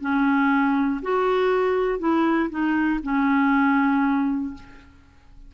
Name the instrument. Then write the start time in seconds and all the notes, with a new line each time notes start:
clarinet
0.00 C#4
1.02 F#4
1.98 E4
2.49 D#4
3.03 C#4